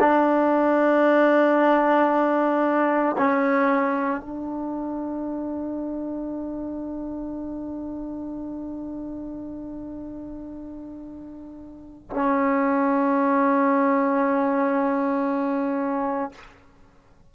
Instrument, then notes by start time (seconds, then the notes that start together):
trombone
0.00 D4
3.17 C#4
4.20 D4
12.10 C#4